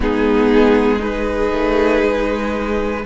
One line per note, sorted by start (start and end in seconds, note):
0.00 1.51 G#3
0.00 0.99 B3
0.00 0.99 D#4
0.00 1.01 G#4
0.99 3.02 D#4
0.99 3.02 G#4
0.99 3.04 B4
1.51 2.02 A3
2.02 3.04 G#3